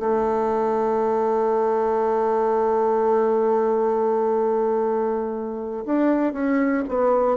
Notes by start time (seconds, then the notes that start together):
0.00 A3
5.86 D4
6.33 C#4
6.89 B3